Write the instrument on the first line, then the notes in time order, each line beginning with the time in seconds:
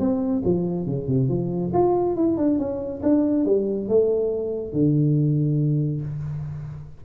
tuba
0.00 C4
0.45 F3
0.86 C#3
1.08 C3
1.29 F3
1.74 F4
2.16 E4
2.38 D4
2.59 C#4
3.03 D4
3.46 G3
3.89 A3
4.73 D3